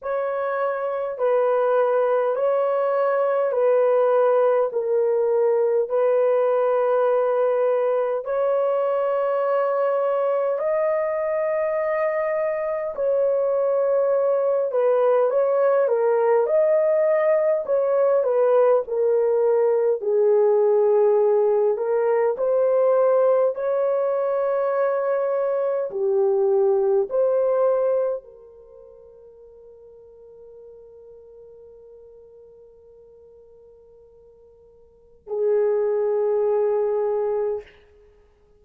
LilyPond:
\new Staff \with { instrumentName = "horn" } { \time 4/4 \tempo 4 = 51 cis''4 b'4 cis''4 b'4 | ais'4 b'2 cis''4~ | cis''4 dis''2 cis''4~ | cis''8 b'8 cis''8 ais'8 dis''4 cis''8 b'8 |
ais'4 gis'4. ais'8 c''4 | cis''2 g'4 c''4 | ais'1~ | ais'2 gis'2 | }